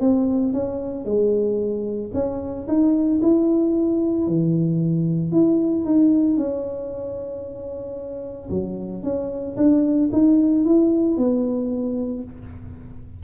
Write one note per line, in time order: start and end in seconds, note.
0.00 0.53 C4
0.53 1.05 C#4
1.05 2.11 G#3
2.14 2.67 C#4
2.68 3.21 D#4
3.22 4.27 E4
4.27 5.32 E3
5.32 5.85 E4
5.85 6.37 D#4
6.37 8.49 C#4
8.50 9.03 F#3
9.03 9.56 C#4
9.56 10.10 D4
10.12 10.65 D#4
10.65 11.17 E4
11.17 12.23 B3